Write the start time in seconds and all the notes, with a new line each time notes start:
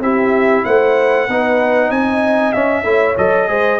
0.00 C4 E4 G4 E5
0.65 A3 C5 F#5
1.28 B3 D#4 B4
1.89 C4 D#5 G#5
2.52 C#4 E5
2.84 A3 E4 C#5
3.17 F#3 A4 D#5
3.48 G#3 G#4 C5